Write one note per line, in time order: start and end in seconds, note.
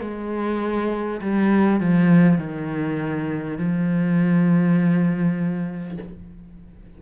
0.00 1.20 G#3
1.21 1.80 G3
1.80 2.38 F3
2.38 3.58 D#3
3.58 5.98 F3